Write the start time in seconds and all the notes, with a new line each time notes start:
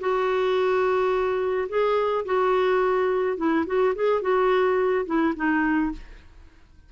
0.00 F#4
1.69 G#4
2.25 F#4
3.37 E4
3.67 F#4
3.95 G#4
4.22 F#4
5.06 E4
5.36 D#4